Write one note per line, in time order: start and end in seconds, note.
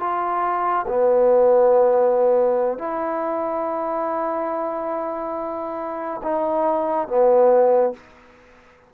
0.00 0.86 F4
0.88 2.79 B3
2.79 6.21 E4
6.23 7.08 D#4
7.08 7.94 B3